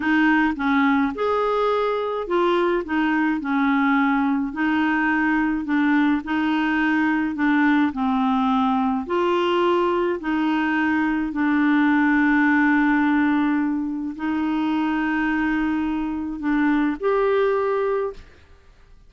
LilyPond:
\new Staff \with { instrumentName = "clarinet" } { \time 4/4 \tempo 4 = 106 dis'4 cis'4 gis'2 | f'4 dis'4 cis'2 | dis'2 d'4 dis'4~ | dis'4 d'4 c'2 |
f'2 dis'2 | d'1~ | d'4 dis'2.~ | dis'4 d'4 g'2 | }